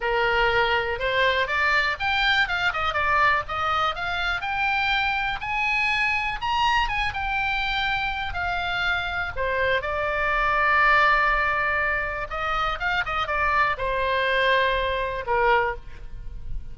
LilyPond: \new Staff \with { instrumentName = "oboe" } { \time 4/4 \tempo 4 = 122 ais'2 c''4 d''4 | g''4 f''8 dis''8 d''4 dis''4 | f''4 g''2 gis''4~ | gis''4 ais''4 gis''8 g''4.~ |
g''4 f''2 c''4 | d''1~ | d''4 dis''4 f''8 dis''8 d''4 | c''2. ais'4 | }